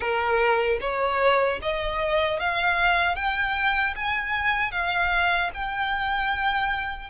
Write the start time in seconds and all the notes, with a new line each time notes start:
0.00 A#4
0.80 C#5
1.61 D#5
2.39 F5
3.15 G5
3.95 G#5
4.71 F5
5.53 G5